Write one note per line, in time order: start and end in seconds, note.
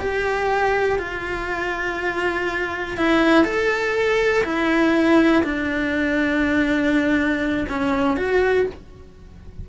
0.00 0.99 G4
0.99 2.98 F4
2.98 3.45 E4
3.45 4.44 A4
4.44 5.44 E4
5.44 7.67 D4
7.69 8.17 C#4
8.17 8.67 F#4